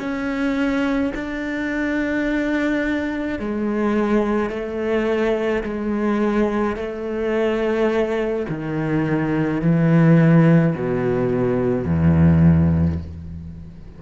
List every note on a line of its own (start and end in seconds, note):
0.00 1.13 C#4
1.15 3.40 D4
3.40 4.50 G#3
4.50 5.63 A3
5.63 6.77 G#3
6.77 8.46 A3
8.50 9.62 D#3
9.62 10.75 E3
10.75 11.86 B2
11.86 12.99 E2